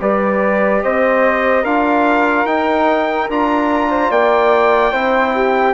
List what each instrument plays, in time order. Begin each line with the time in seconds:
0.00 bassoon G3, trombone G4, flute B4, trumpet D5
0.83 bassoon C4, flute C5, trumpet D#5
1.62 bassoon D4, trombone F4, flute A#4, trumpet F5
2.45 bassoon D#4, trombone D#4, trumpet G5
3.29 bassoon D4, trombone F4, trumpet A#5
3.90 flute C5
4.10 bassoon A#3, flute D5, trumpet G5
4.92 bassoon C4, trombone E4, flute C5
5.34 flute G4